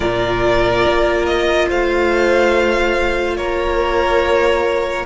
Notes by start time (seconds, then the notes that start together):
0.00 A#2 F4 A#4 D5
0.87 A#3
1.25 D#5
1.68 A3 C5 F5
3.36 A#3 A#4 C#5